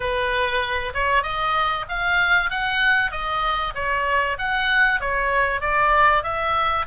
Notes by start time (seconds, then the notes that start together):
0.00 B4
0.94 C#5
1.22 D#5
1.88 F5
2.50 F#5
3.11 D#5
3.74 C#5
4.38 F#5
5.00 C#5
5.61 D5
6.23 E5